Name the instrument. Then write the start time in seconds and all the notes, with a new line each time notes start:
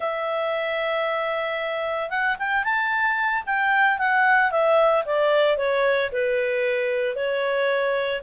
clarinet
0.00 E5
2.09 F#5
2.38 G5
2.64 A5
3.46 G5
3.98 F#5
4.51 E5
5.05 D5
5.57 C#5
6.12 B4
7.15 C#5